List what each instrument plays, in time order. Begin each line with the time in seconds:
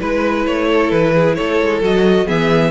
0.00 cello G#3, viola E4, violin B4
0.47 cello A3, violin C#5
0.68 violin A4
0.92 cello E3, violin B4
1.14 violin G#4
1.35 cello A3, violin A4 C#5
1.62 cello G#3
1.81 cello F#3, viola F#4, violin D#5
2.26 cello E3, viola B3, violin G#4 E5